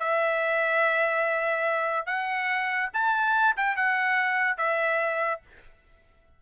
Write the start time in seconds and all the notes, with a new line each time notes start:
0.00 E5
2.07 F#5
2.94 A5
3.57 G5
3.77 F#5
4.58 E5